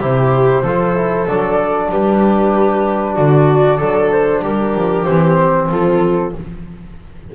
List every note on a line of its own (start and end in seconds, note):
0.00 0.63 C3
0.00 0.63 E4
0.00 0.63 G4
0.00 1.27 C5
0.63 1.26 F3
0.63 0.96 F4
0.63 1.90 A4
0.96 1.27 E4
1.27 1.91 F#3
1.27 5.07 D4
1.27 1.91 D5
1.91 3.18 G3
1.91 3.15 G4
1.91 3.16 B4
3.15 3.81 D3
3.15 3.78 F#4
3.15 4.11 D5
3.78 4.44 F#3
3.78 4.41 A4
4.12 4.43 C5
4.42 4.75 G3
4.42 5.68 G4
4.42 5.05 A#4
4.75 5.06 F3
5.05 5.69 E3
5.05 6.34 C4
5.05 5.68 C5
5.69 6.32 F3
5.69 6.35 F4
5.69 6.35 A4